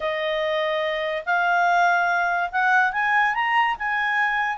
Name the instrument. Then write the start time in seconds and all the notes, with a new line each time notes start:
clarinet
0.00 D#5
1.25 F5
2.51 F#5
2.92 G#5
3.34 A#5
3.78 G#5